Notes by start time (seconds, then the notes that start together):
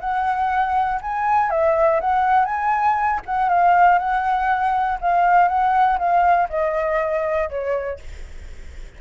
0.00 F#5
1.01 G#5
1.50 E5
2.01 F#5
2.45 G#5
3.26 F#5
3.49 F5
3.98 F#5
5.01 F5
5.48 F#5
5.98 F5
6.49 D#5
7.49 C#5